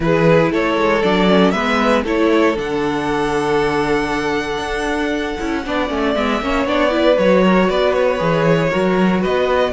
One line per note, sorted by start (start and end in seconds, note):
0.00 0.50 E3
0.00 1.01 E4
0.00 0.52 G#4
0.00 0.52 B4
0.51 0.77 A3
0.51 1.52 A4
0.51 1.02 C#5
0.77 1.03 G#3
1.02 1.54 F#3
1.02 1.28 D4
1.02 1.50 D5
1.28 1.53 C#4
1.50 2.04 G#3
1.50 2.05 B3
1.50 2.04 B4
1.50 2.02 E5
2.04 2.55 A3
2.04 2.56 E4
2.04 5.63 A4
2.04 2.58 C#5
2.56 4.58 D3
2.56 5.38 D4
2.56 6.14 F#5
4.58 5.35 D4
5.38 5.66 C#4
5.38 5.64 E4
5.65 5.90 B3
5.65 5.89 D4
5.65 6.43 D5
5.89 6.15 A3
5.89 6.14 C#4
6.14 6.40 G#3
6.14 6.41 B3
6.14 6.65 E5
6.40 6.65 A#3
6.40 6.66 C#4
6.40 6.93 C#5
6.65 7.17 B3
6.65 6.89 D4
6.65 7.18 D5
6.89 7.15 E4
6.89 7.44 B4
7.18 7.69 F#3
7.18 8.18 F#4
7.18 7.69 C#5
7.44 7.69 A#4
7.69 8.20 B3
7.69 8.70 B4
7.69 7.93 D5
7.93 9.21 C#5
8.18 8.71 E3
8.18 8.69 G#4
8.70 9.25 F#3
8.70 9.72 F#4
8.70 9.21 A#4
9.21 9.72 B3
9.21 9.72 B4
9.21 9.72 D#5